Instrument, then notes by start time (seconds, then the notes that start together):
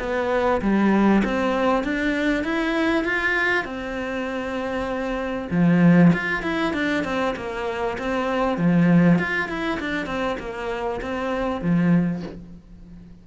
cello
0.00 B3
0.62 G3
1.25 C4
1.84 D4
2.44 E4
3.04 F4
3.65 C4
5.51 F3
6.14 F4
6.43 E4
6.74 D4
7.05 C4
7.37 A#3
7.99 C4
8.58 F3
9.19 F4
9.49 E4
9.80 D4
10.07 C4
10.40 A#3
11.02 C4
11.62 F3